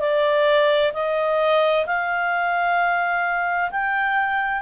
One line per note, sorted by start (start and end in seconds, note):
0.00 0.92 D5
0.94 1.86 D#5
1.86 3.71 F5
3.71 4.62 G5